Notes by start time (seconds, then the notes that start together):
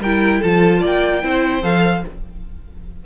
0.00 G3 E4 A#4 G5
0.40 F3 F4 A4 A5
0.80 A#3 D5
0.86 G5
1.22 C4 E4 C5
1.62 F3 A4 F5